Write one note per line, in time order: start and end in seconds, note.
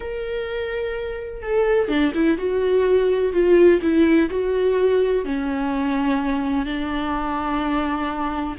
0.00 1.42 A#4
1.42 1.88 A4
1.88 2.12 D4
2.14 2.37 E4
2.37 3.32 F#4
3.32 3.80 F4
3.81 4.29 E4
4.30 5.24 F#4
5.24 6.65 C#4
6.65 8.56 D4